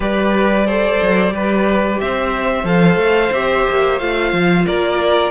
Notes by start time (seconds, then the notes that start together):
0.00 G3 G4 B4 D5
0.66 A4 C5
1.02 F#3
1.30 G3 G4 B4
1.99 C4 C5 E5
2.63 F3 A4 F5
2.96 A3
3.31 C4 G4 E5
3.69 A#3
3.98 A3 F4 F5
4.32 F3
4.66 A#3 A#4 D5